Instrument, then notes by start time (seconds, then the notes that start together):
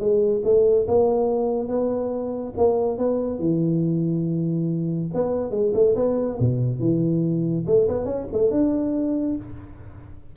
tuba
0.00 G#3
0.45 A3
0.88 A#3
1.69 B3
2.58 A#3
2.98 B3
3.40 E3
5.14 B3
5.51 G#3
5.74 A3
5.96 B3
6.40 B2
6.80 E3
7.67 A3
7.89 B3
8.06 C#4
8.33 A3
8.51 D4